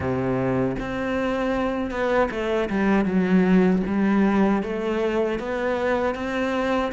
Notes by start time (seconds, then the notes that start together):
0.00 C3
0.79 C4
1.91 B3
2.30 A3
2.69 G3
3.05 F#3
3.86 G3
4.62 A3
5.39 B3
6.14 C4